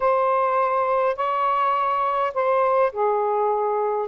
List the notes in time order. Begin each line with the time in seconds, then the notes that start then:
0.00 C5
1.16 C#5
2.34 C5
2.92 G#4